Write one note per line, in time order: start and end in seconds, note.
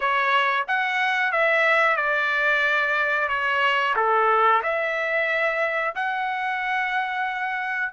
0.00 0.66 C#5
0.67 1.32 F#5
1.32 1.96 E5
1.96 3.28 D5
3.28 3.94 C#5
3.96 4.62 A4
4.62 5.94 E5
5.95 7.93 F#5